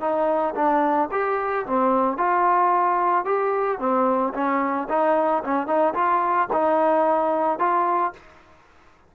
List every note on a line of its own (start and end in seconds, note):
0.00 0.54 D#4
0.55 1.09 D4
1.12 1.66 G4
1.66 2.17 C4
2.17 3.25 F4
3.25 3.79 G4
3.79 4.33 C4
4.34 4.88 C#4
4.89 5.43 D#4
5.44 5.67 C#4
5.67 5.94 D#4
5.94 6.48 F4
6.52 7.59 D#4
7.59 8.13 F4